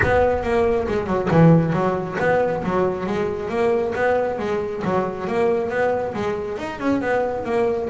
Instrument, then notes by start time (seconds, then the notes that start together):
double bass
0.02 B3
0.43 A#3
0.88 G#3
1.06 F#3
1.30 E3
1.73 F#3
2.19 B3
2.63 F#3
3.06 G#3
3.49 A#3
3.95 B3
4.39 G#3
4.84 F#3
5.27 A#3
5.69 B3
6.14 G#3
6.58 D#4
6.79 C#4
7.01 B3
7.45 A#3